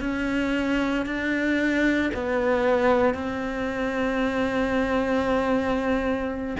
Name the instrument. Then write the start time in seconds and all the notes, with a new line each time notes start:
cello
0.00 C#4
1.05 D4
2.13 B3
3.14 C4